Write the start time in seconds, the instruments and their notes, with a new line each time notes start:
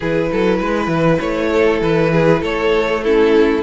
0.00 cello E3, viola E4, violin G#4 B4
0.32 cello F#3, violin A4
0.58 cello G#3, violin B4
0.87 cello E3
1.19 cello A3, violin C#5
1.52 violin A4
1.81 cello E3, violin B4
2.11 violin G#4
2.40 cello A3, violin A4 C#5
3.03 viola C#4, violin E4 A4